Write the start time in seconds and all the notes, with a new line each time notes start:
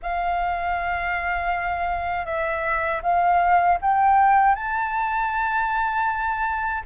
0.02 F5
2.25 E5
3.02 F5
3.81 G5
4.55 A5